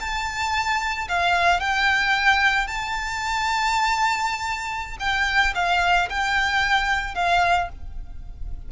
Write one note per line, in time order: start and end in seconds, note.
0.00 1.08 A5
1.09 1.60 F5
1.60 2.67 G5
2.67 4.97 A5
5.00 5.54 G5
5.55 6.09 F5
6.10 7.15 G5
7.15 7.69 F5